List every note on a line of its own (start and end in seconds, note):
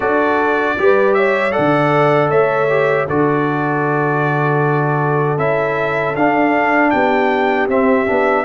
0.00 0.77 D4
0.00 0.77 F#4
0.00 0.76 A4
0.00 1.13 D5
0.78 1.55 G3
0.78 1.51 G4
0.78 1.16 B4
1.13 1.53 C#5
1.13 1.52 E5
1.51 2.67 A4
1.51 2.30 D5
1.51 2.29 F#5
1.58 2.30 D3
2.30 3.07 A3
2.30 3.07 C#5
2.30 3.07 E5
2.69 3.08 G4
3.07 5.37 D3
3.07 5.37 F#4
3.07 6.92 A4
3.07 5.38 D5
5.37 6.14 C#4
5.37 6.14 E4
5.37 6.15 E5
6.15 6.92 D4
6.15 7.69 D4
6.15 6.90 F5
6.90 7.67 B3
6.90 8.45 G4
6.90 7.67 G5
7.67 8.06 C4
7.67 8.45 E5
8.06 8.45 B3
8.06 8.45 D4